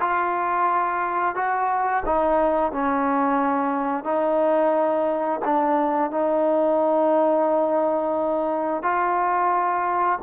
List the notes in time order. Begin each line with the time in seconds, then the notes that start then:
0.00 F4
1.35 F#4
2.05 D#4
2.71 C#4
4.04 D#4
5.45 D4
6.11 D#4
8.83 F4